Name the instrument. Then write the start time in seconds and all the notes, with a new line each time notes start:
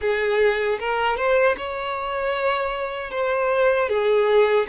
violin
0.01 G#4
0.79 A#4
1.16 C5
1.57 C#5
3.11 C5
3.89 G#4